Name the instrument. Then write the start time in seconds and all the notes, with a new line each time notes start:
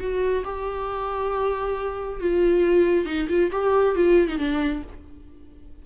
viola
0.00 F#4
0.44 G4
2.20 F4
3.05 D#4
3.29 F4
3.52 G4
3.95 F4
4.28 D#4
4.38 D4